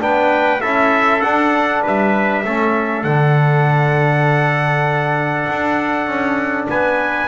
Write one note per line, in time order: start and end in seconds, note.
0.00 0.62 B3
0.00 0.61 D4
0.00 0.62 B4
0.00 0.61 G5
0.61 1.22 C#4
0.61 1.22 E4
0.61 1.83 A4
0.61 1.22 E5
1.22 1.83 D4
1.22 2.45 D4
1.22 1.82 F#5
1.83 2.44 G3
1.83 2.43 B4
1.83 3.04 E5
2.44 3.04 A3
2.44 3.06 C#4
2.44 6.70 A4
3.04 5.46 D3
3.04 7.28 D4
3.04 6.67 F#5
5.50 6.07 D4
6.07 6.67 C#4
6.69 7.28 B3
6.69 7.28 B4
6.69 7.28 G#5